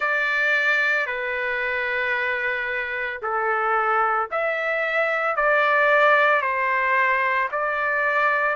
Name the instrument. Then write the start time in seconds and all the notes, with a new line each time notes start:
trumpet
0.00 D5
1.06 B4
3.21 A4
4.31 E5
5.36 D5
6.41 C5
7.51 D5